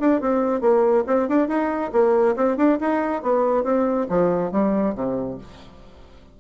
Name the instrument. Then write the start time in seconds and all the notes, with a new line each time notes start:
bassoon
0.00 D4
0.21 C4
0.61 A#3
1.07 C4
1.29 D4
1.48 D#4
1.92 A#3
2.36 C4
2.57 D4
2.81 D#4
3.22 B3
3.64 C4
4.09 F3
4.52 G3
4.95 C3